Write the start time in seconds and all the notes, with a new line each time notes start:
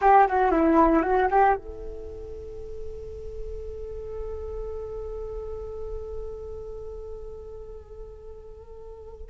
0.01 G4
0.27 F#4
0.51 E4
1.02 F#4
1.30 G4
1.55 A4